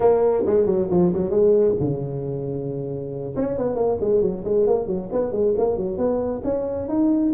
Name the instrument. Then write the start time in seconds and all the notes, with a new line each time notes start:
tuba
0.00 A#3
0.46 G#3
0.66 F#3
0.90 F3
1.12 F#3
1.30 G#3
1.79 C#3
3.36 C#4
3.58 B3
3.75 A#3
4.00 G#3
4.21 F#3
4.44 G#3
4.66 A#3
4.86 F#3
5.12 B3
5.32 G#3
5.57 A#3
5.77 F#3
5.97 B3
6.43 C#4
6.88 D#4